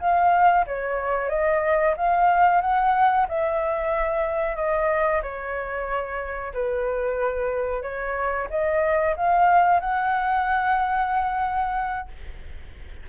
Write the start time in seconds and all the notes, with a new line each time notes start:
0.00 F5
0.67 C#5
1.30 D#5
1.97 F5
2.61 F#5
3.28 E5
4.56 D#5
5.23 C#5
6.54 B4
7.82 C#5
8.50 D#5
9.17 F5
9.80 F#5